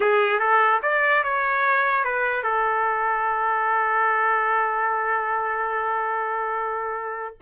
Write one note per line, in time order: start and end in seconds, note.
0.00 0.39 G#4
0.39 0.80 A4
0.82 1.23 D5
1.23 2.04 C#5
2.04 2.43 B4
2.43 7.36 A4